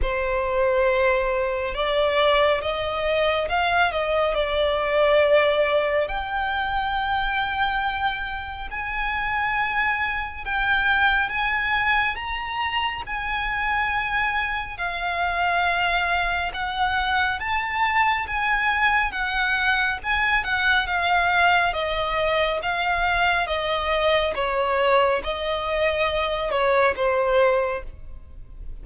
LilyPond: \new Staff \with { instrumentName = "violin" } { \time 4/4 \tempo 4 = 69 c''2 d''4 dis''4 | f''8 dis''8 d''2 g''4~ | g''2 gis''2 | g''4 gis''4 ais''4 gis''4~ |
gis''4 f''2 fis''4 | a''4 gis''4 fis''4 gis''8 fis''8 | f''4 dis''4 f''4 dis''4 | cis''4 dis''4. cis''8 c''4 | }